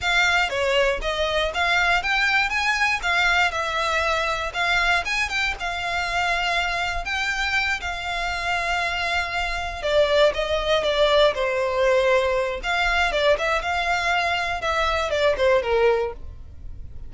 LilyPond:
\new Staff \with { instrumentName = "violin" } { \time 4/4 \tempo 4 = 119 f''4 cis''4 dis''4 f''4 | g''4 gis''4 f''4 e''4~ | e''4 f''4 gis''8 g''8 f''4~ | f''2 g''4. f''8~ |
f''2.~ f''8 d''8~ | d''8 dis''4 d''4 c''4.~ | c''4 f''4 d''8 e''8 f''4~ | f''4 e''4 d''8 c''8 ais'4 | }